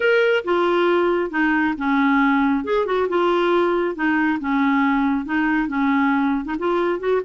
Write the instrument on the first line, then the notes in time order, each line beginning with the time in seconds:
clarinet
0.00 A#4
0.44 F4
1.30 D#4
1.77 C#4
2.64 G#4
2.85 F#4
3.09 F4
3.95 D#4
4.39 C#4
5.25 D#4
5.68 C#4
6.44 D#4
6.59 F4
6.99 F#4